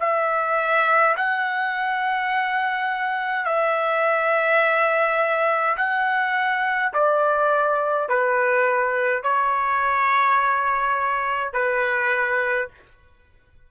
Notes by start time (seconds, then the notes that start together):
0.00 E5
1.16 F#5
3.46 E5
5.77 F#5
6.93 D5
8.09 B4
9.23 C#5
11.53 B4